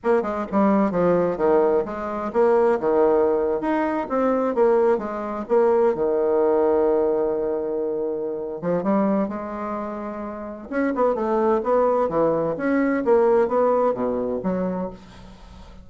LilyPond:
\new Staff \with { instrumentName = "bassoon" } { \time 4/4 \tempo 4 = 129 ais8 gis8 g4 f4 dis4 | gis4 ais4 dis4.~ dis16 dis'16~ | dis'8. c'4 ais4 gis4 ais16~ | ais8. dis2.~ dis16~ |
dis2~ dis8 f8 g4 | gis2. cis'8 b8 | a4 b4 e4 cis'4 | ais4 b4 b,4 fis4 | }